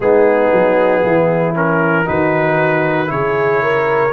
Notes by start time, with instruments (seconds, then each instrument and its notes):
0.00 tuba G#3, trombone B3, horn D#4, trumpet G#4
0.52 tuba F#3
1.03 tuba E3, horn E4
1.55 trombone C#4, trumpet A#4
2.05 tuba D#3, trombone D#4, horn F#4, trumpet B4
3.06 tuba C#3, trombone E4, horn G#4, trumpet C#5
3.62 horn A#4